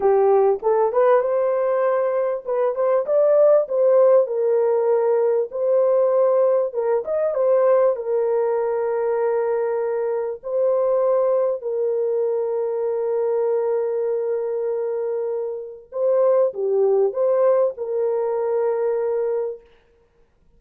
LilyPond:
\new Staff \with { instrumentName = "horn" } { \time 4/4 \tempo 4 = 98 g'4 a'8 b'8 c''2 | b'8 c''8 d''4 c''4 ais'4~ | ais'4 c''2 ais'8 dis''8 | c''4 ais'2.~ |
ais'4 c''2 ais'4~ | ais'1~ | ais'2 c''4 g'4 | c''4 ais'2. | }